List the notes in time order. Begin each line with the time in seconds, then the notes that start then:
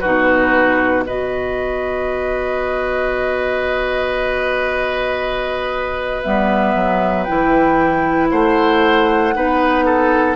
0.00 B2 D#4 F#4 B4
1.06 B3 F#4 B4 D#5
6.23 G3 B3 E5
6.76 F#3
7.24 E4 G5
7.30 E3
8.31 A3 C5 F#5
9.34 B3 D#4 B4
9.86 A4